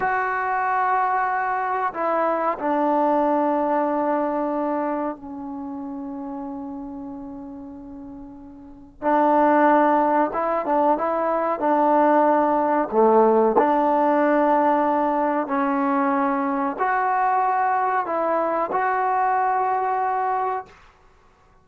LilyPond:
\new Staff \with { instrumentName = "trombone" } { \time 4/4 \tempo 4 = 93 fis'2. e'4 | d'1 | cis'1~ | cis'2 d'2 |
e'8 d'8 e'4 d'2 | a4 d'2. | cis'2 fis'2 | e'4 fis'2. | }